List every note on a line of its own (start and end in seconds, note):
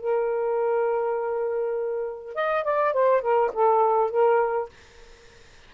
0.00 2.35 A#4
2.35 2.64 D#5
2.64 2.93 D5
2.93 3.21 C5
3.21 3.51 A#4
3.53 4.10 A4
4.10 4.69 A#4